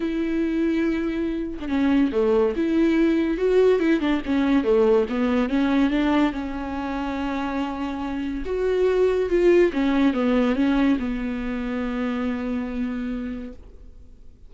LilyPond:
\new Staff \with { instrumentName = "viola" } { \time 4/4 \tempo 4 = 142 e'2.~ e'8. d'16 | cis'4 a4 e'2 | fis'4 e'8 d'8 cis'4 a4 | b4 cis'4 d'4 cis'4~ |
cis'1 | fis'2 f'4 cis'4 | b4 cis'4 b2~ | b1 | }